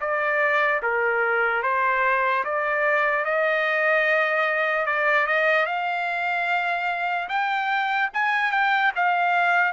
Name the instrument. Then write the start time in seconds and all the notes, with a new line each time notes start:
trumpet
0.00 D5
0.82 A#4
1.63 C5
2.44 D5
3.24 D#5
4.86 D5
5.27 D#5
5.66 F5
7.28 G5
8.13 G#5
8.51 G5
8.95 F5